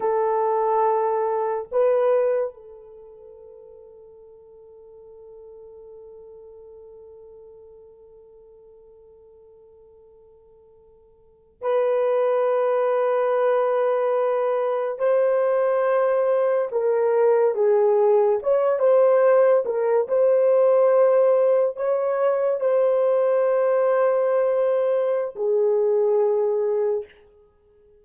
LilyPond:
\new Staff \with { instrumentName = "horn" } { \time 4/4 \tempo 4 = 71 a'2 b'4 a'4~ | a'1~ | a'1~ | a'4.~ a'16 b'2~ b'16~ |
b'4.~ b'16 c''2 ais'16~ | ais'8. gis'4 cis''8 c''4 ais'8 c''16~ | c''4.~ c''16 cis''4 c''4~ c''16~ | c''2 gis'2 | }